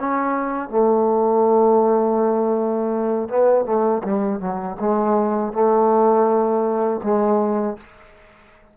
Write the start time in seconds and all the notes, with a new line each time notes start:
0.00 C#4
0.70 A3
3.29 B3
3.66 A3
4.04 G3
4.40 F#3
4.80 G#3
5.53 A3
7.03 G#3